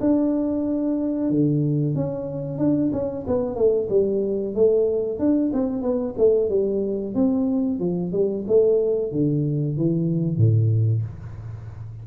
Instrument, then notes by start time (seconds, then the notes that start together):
tuba
0.00 D4
1.30 D3
1.95 C#4
2.58 D4
2.92 C#4
3.27 B3
3.55 A3
3.89 G3
4.54 A3
5.19 D4
5.53 C4
5.82 B3
6.17 A3
6.49 G3
7.14 C4
7.79 F3
8.12 G3
8.47 A3
9.12 D3
9.77 E3
10.37 A2